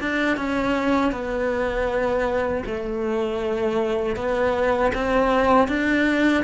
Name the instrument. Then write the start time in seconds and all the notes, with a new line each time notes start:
cello
0.00 D4
0.37 C#4
1.12 B3
2.66 A3
4.16 B3
4.94 C4
5.68 D4